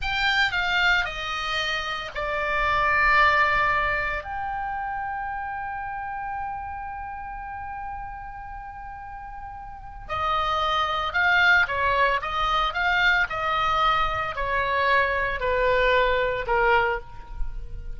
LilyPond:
\new Staff \with { instrumentName = "oboe" } { \time 4/4 \tempo 4 = 113 g''4 f''4 dis''2 | d''1 | g''1~ | g''1~ |
g''2. dis''4~ | dis''4 f''4 cis''4 dis''4 | f''4 dis''2 cis''4~ | cis''4 b'2 ais'4 | }